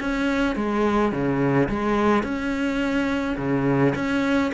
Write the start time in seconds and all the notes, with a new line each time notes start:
0.00 C#4
0.56 G#3
1.12 C#3
1.69 G#3
2.23 C#4
3.37 C#3
3.95 C#4